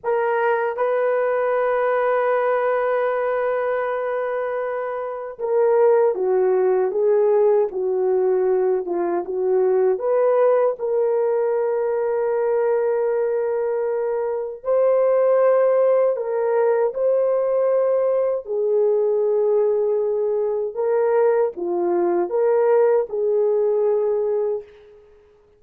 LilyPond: \new Staff \with { instrumentName = "horn" } { \time 4/4 \tempo 4 = 78 ais'4 b'2.~ | b'2. ais'4 | fis'4 gis'4 fis'4. f'8 | fis'4 b'4 ais'2~ |
ais'2. c''4~ | c''4 ais'4 c''2 | gis'2. ais'4 | f'4 ais'4 gis'2 | }